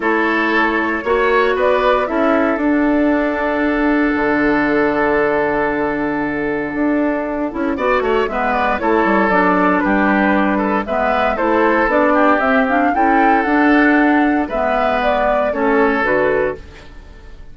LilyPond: <<
  \new Staff \with { instrumentName = "flute" } { \time 4/4 \tempo 4 = 116 cis''2. d''4 | e''4 fis''2.~ | fis''1~ | fis''1 |
e''8 d''8 cis''4 d''4 b'4~ | b'4 e''4 c''4 d''4 | e''8 f''8 g''4 fis''2 | e''4 d''4 cis''4 b'4 | }
  \new Staff \with { instrumentName = "oboe" } { \time 4/4 a'2 cis''4 b'4 | a'1~ | a'1~ | a'2. d''8 cis''8 |
b'4 a'2 g'4~ | g'8 a'8 b'4 a'4. g'8~ | g'4 a'2. | b'2 a'2 | }
  \new Staff \with { instrumentName = "clarinet" } { \time 4/4 e'2 fis'2 | e'4 d'2.~ | d'1~ | d'2~ d'8 e'8 fis'4 |
b4 e'4 d'2~ | d'4 b4 e'4 d'4 | c'8 d'8 e'4 d'2 | b2 cis'4 fis'4 | }
  \new Staff \with { instrumentName = "bassoon" } { \time 4/4 a2 ais4 b4 | cis'4 d'2. | d1~ | d4 d'4. cis'8 b8 a8 |
gis4 a8 g8 fis4 g4~ | g4 gis4 a4 b4 | c'4 cis'4 d'2 | gis2 a4 d4 | }
>>